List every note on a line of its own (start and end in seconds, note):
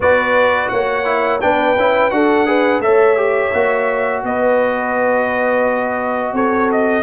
0.00 0.70 B3
0.00 1.04 F#4
0.00 0.71 B4
0.00 0.68 D5
0.68 1.42 A#3
0.68 1.41 C#5
0.68 1.39 F#5
1.04 1.39 E4
1.40 1.76 B3
1.40 1.76 D4
1.40 2.14 B4
1.40 2.10 G5
1.76 2.11 C#4
1.76 2.10 E4
2.10 2.79 D4
2.10 2.46 F#4
2.10 2.47 A4
2.10 2.81 F#5
2.46 2.81 G#4
2.46 2.82 B4
2.79 3.50 A3
2.79 3.16 A4
2.79 4.24 C#5
2.79 4.22 E5
3.16 3.52 G4
3.53 4.23 A#3
3.53 7.03 F#4
4.23 6.32 B3
4.23 6.34 B4
4.23 6.35 D#5
6.32 7.03 C4
6.32 7.03 A4
6.32 6.70 C#5
6.71 7.03 D#5